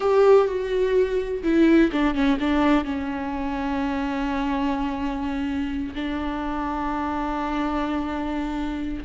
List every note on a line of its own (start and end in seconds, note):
0.00 0.47 G4
0.47 1.42 F#4
1.43 1.90 E4
1.92 2.14 D4
2.14 2.38 C#4
2.40 2.84 D4
2.84 5.94 C#4
5.94 9.04 D4